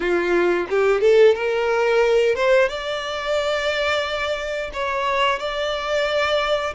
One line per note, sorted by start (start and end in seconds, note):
0.00 0.66 F4
0.69 1.01 G4
1.01 1.34 A4
1.35 2.35 A#4
2.35 2.68 C5
2.68 4.70 D5
4.73 5.39 C#5
5.39 6.74 D5